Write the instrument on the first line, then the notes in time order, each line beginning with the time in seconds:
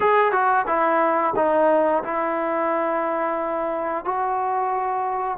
trombone
0.00 G#4
0.32 F#4
0.66 E4
1.35 D#4
2.03 E4
4.04 F#4